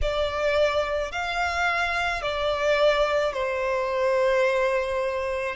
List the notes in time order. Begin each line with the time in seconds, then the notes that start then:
0.01 D5
1.11 F5
2.22 D5
3.33 C5